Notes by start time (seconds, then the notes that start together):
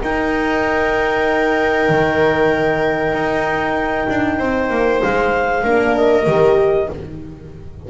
0.00 D#4 A#4 G5
1.89 D#3
3.13 D#4
4.09 D4
4.38 C4 C5
4.70 A#3
5.02 G#3 F5
5.63 A#3 D4 A#4
5.96 D#5
6.26 D#3 G4